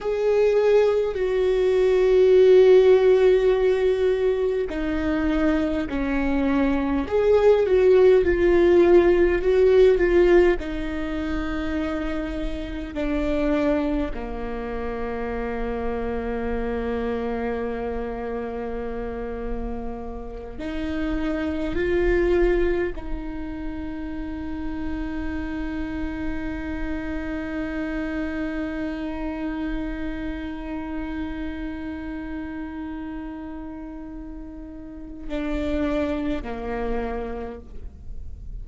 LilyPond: \new Staff \with { instrumentName = "viola" } { \time 4/4 \tempo 4 = 51 gis'4 fis'2. | dis'4 cis'4 gis'8 fis'8 f'4 | fis'8 f'8 dis'2 d'4 | ais1~ |
ais4. dis'4 f'4 dis'8~ | dis'1~ | dis'1~ | dis'2 d'4 ais4 | }